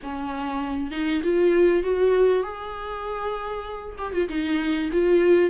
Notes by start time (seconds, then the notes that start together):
0.02 C#4
0.91 D#4
1.23 F4
1.83 F#4
2.43 G#4
3.98 G4
4.13 F4
4.29 D#4
4.92 F4